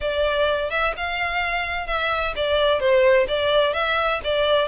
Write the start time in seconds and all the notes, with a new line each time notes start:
0.00 D5
0.70 E5
0.96 F5
1.86 E5
2.36 D5
2.80 C5
3.28 D5
3.73 E5
4.23 D5